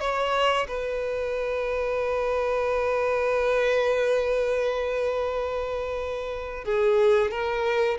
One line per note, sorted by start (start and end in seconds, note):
0.00 0.67 C#5
0.67 6.64 B4
6.64 7.31 G#4
7.31 7.97 A#4